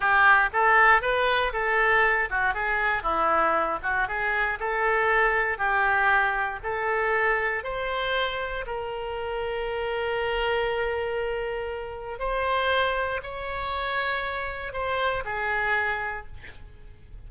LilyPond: \new Staff \with { instrumentName = "oboe" } { \time 4/4 \tempo 4 = 118 g'4 a'4 b'4 a'4~ | a'8 fis'8 gis'4 e'4. fis'8 | gis'4 a'2 g'4~ | g'4 a'2 c''4~ |
c''4 ais'2.~ | ais'1 | c''2 cis''2~ | cis''4 c''4 gis'2 | }